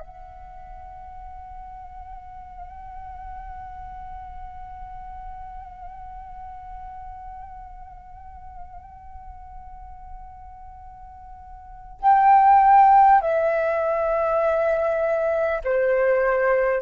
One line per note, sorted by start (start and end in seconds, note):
0.00 12.00 F#5
12.02 13.22 G5
13.22 15.62 E5
15.64 16.82 C5